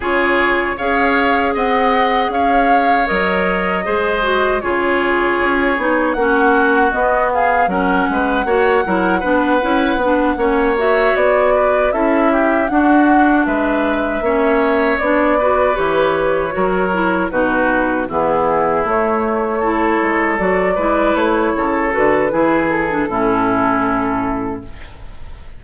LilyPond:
<<
  \new Staff \with { instrumentName = "flute" } { \time 4/4 \tempo 4 = 78 cis''4 f''4 fis''4 f''4 | dis''2 cis''2 | fis''4 dis''8 f''8 fis''2~ | fis''2 e''8 d''4 e''8~ |
e''8 fis''4 e''2 d''8~ | d''8 cis''2 b'4 gis'8~ | gis'8 cis''2 d''4 cis''8~ | cis''8 b'4 a'2~ a'8 | }
  \new Staff \with { instrumentName = "oboe" } { \time 4/4 gis'4 cis''4 dis''4 cis''4~ | cis''4 c''4 gis'2 | fis'4. gis'8 ais'8 b'8 cis''8 ais'8 | b'4. cis''4. b'8 a'8 |
g'8 fis'4 b'4 cis''4. | b'4. ais'4 fis'4 e'8~ | e'4. a'4. b'4 | a'4 gis'4 e'2 | }
  \new Staff \with { instrumentName = "clarinet" } { \time 4/4 f'4 gis'2. | ais'4 gis'8 fis'8 f'4. dis'8 | cis'4 b4 cis'4 fis'8 e'8 | d'8 e'8 d'8 cis'8 fis'4. e'8~ |
e'8 d'2 cis'4 d'8 | fis'8 g'4 fis'8 e'8 dis'4 b8~ | b8 a4 e'4 fis'8 e'4~ | e'8 fis'8 e'8. d'16 cis'2 | }
  \new Staff \with { instrumentName = "bassoon" } { \time 4/4 cis4 cis'4 c'4 cis'4 | fis4 gis4 cis4 cis'8 b8 | ais4 b4 fis8 gis8 ais8 fis8 | b8 cis'8 b8 ais4 b4 cis'8~ |
cis'8 d'4 gis4 ais4 b8~ | b8 e4 fis4 b,4 e8~ | e8 a4. gis8 fis8 gis8 a8 | cis8 d8 e4 a,2 | }
>>